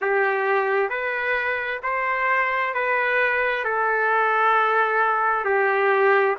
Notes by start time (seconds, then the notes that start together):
0.01 G4
0.89 B4
1.83 C5
2.74 B4
3.64 A4
5.44 G4